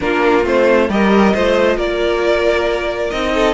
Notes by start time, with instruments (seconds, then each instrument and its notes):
0.00 cello A#3, viola D4, violin F4 A#4
0.43 cello A3, viola C4, violin C5
0.89 cello G3, viola G4, violin A#4 D#5
1.33 cello A3, viola F4, violin C5
1.76 cello A#3, violin A#4 D5
3.10 cello C4, viola D#4, violin D#5
3.34 violin A4